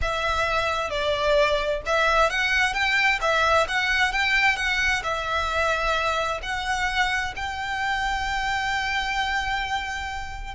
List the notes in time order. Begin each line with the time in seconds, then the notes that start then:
0.01 E5
0.90 D5
1.85 E5
2.29 F#5
2.73 G5
3.21 E5
3.67 F#5
4.12 G5
4.56 F#5
5.03 E5
6.42 F#5
7.36 G5